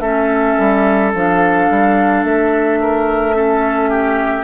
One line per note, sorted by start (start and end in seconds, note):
0.00 0.56 A3
0.00 1.14 C#4
0.00 2.79 A4
0.00 1.11 E5
0.59 1.14 G3
1.14 1.69 F3
1.14 3.33 D4
1.14 2.25 F5
1.70 2.24 G3
2.24 4.44 A3
2.24 4.44 E5
2.81 3.36 A#4
3.33 4.44 C#4
3.33 3.90 A4
3.90 4.44 G4